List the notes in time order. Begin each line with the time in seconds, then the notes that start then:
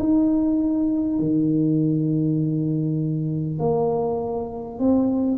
0.00 D#4
1.19 D#3
3.59 A#3
4.79 C4